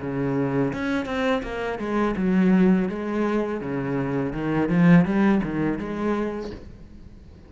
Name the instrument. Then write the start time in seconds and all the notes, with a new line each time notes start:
cello
0.00 C#3
0.73 C#4
1.05 C4
1.42 A#3
1.78 G#3
2.16 F#3
2.88 G#3
3.60 C#3
4.32 D#3
4.69 F3
5.05 G3
5.43 D#3
5.78 G#3